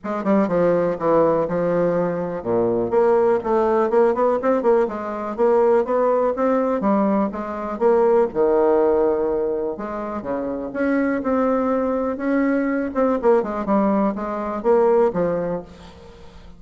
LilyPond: \new Staff \with { instrumentName = "bassoon" } { \time 4/4 \tempo 4 = 123 gis8 g8 f4 e4 f4~ | f4 ais,4 ais4 a4 | ais8 b8 c'8 ais8 gis4 ais4 | b4 c'4 g4 gis4 |
ais4 dis2. | gis4 cis4 cis'4 c'4~ | c'4 cis'4. c'8 ais8 gis8 | g4 gis4 ais4 f4 | }